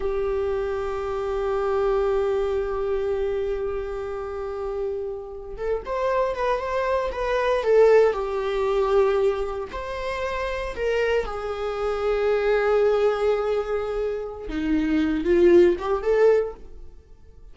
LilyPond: \new Staff \with { instrumentName = "viola" } { \time 4/4 \tempo 4 = 116 g'1~ | g'1~ | g'2~ g'8. a'8 c''8.~ | c''16 b'8 c''4 b'4 a'4 g'16~ |
g'2~ g'8. c''4~ c''16~ | c''8. ais'4 gis'2~ gis'16~ | gis'1 | dis'4. f'4 g'8 a'4 | }